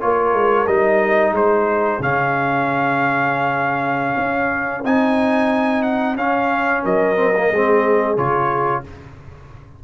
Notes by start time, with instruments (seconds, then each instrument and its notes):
0.00 tuba A#3, trombone F4, horn A#4, trumpet C#5
0.33 tuba G#3
0.67 tuba G3, trombone D#4, trumpet D#5
1.31 tuba G#3, horn G#4, trumpet C5
1.99 tuba C#3, trombone C#4, trumpet F5
4.17 tuba C#4
4.84 tuba C4, trombone D#4, trumpet G#5
5.82 trumpet F#5
6.17 tuba C#4, trombone C#4, trumpet F5
6.82 tuba F#3, horn A#4, trumpet D#5
7.15 trombone C4
7.36 trombone A#3
7.50 tuba G#3, trombone C4, horn G#4
8.16 tuba C#3, trombone F4, trumpet C#5